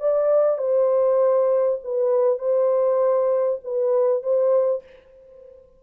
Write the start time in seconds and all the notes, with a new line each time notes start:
0.00 D5
0.58 C5
1.84 B4
2.39 C5
3.64 B4
4.23 C5